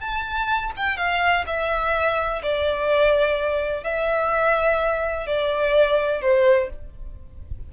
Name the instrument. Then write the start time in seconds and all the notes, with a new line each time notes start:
violin
0.00 A5
0.76 G5
0.97 F5
1.47 E5
2.43 D5
3.84 E5
5.27 D5
6.21 C5